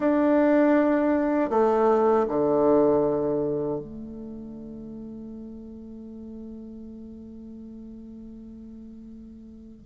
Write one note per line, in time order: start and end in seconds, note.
0.00 1.49 D4
1.49 2.25 A3
2.28 3.79 D3
3.79 9.86 A3